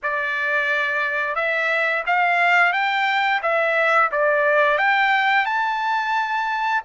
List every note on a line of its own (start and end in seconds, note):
0.02 1.35 D5
1.35 2.03 E5
2.06 2.72 F5
2.72 3.41 G5
3.42 4.10 E5
4.11 4.78 D5
4.78 5.45 G5
5.45 6.82 A5